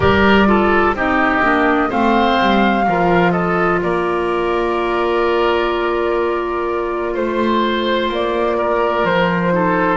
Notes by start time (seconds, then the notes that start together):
0.00 G3 G4 A#4 D5
0.46 F4 A4
0.93 C4 D#4 G4 D#5
1.42 A#3 D4
1.89 A3 C4 C5 F5
2.39 G3
2.86 F3 F4 A#4
3.31 A4 D#5
3.82 A#3 A#4 D5
7.14 A3 C5
8.09 A#3 D5
8.57 A#4
9.04 F3 C5
9.52 D#4 A4